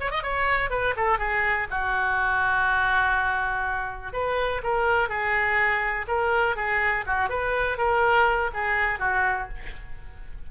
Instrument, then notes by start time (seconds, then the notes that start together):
oboe
0.00 C#5
0.11 D#5
0.23 C#5
0.70 B4
0.96 A4
1.19 G#4
1.71 F#4
4.13 B4
4.63 A#4
5.09 G#4
6.08 A#4
6.56 G#4
7.06 F#4
7.29 B4
7.78 A#4
8.53 G#4
8.99 F#4